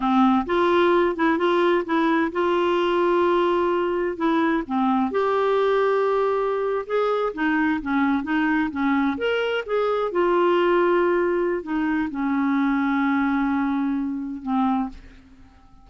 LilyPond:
\new Staff \with { instrumentName = "clarinet" } { \time 4/4 \tempo 4 = 129 c'4 f'4. e'8 f'4 | e'4 f'2.~ | f'4 e'4 c'4 g'4~ | g'2~ g'8. gis'4 dis'16~ |
dis'8. cis'4 dis'4 cis'4 ais'16~ | ais'8. gis'4 f'2~ f'16~ | f'4 dis'4 cis'2~ | cis'2. c'4 | }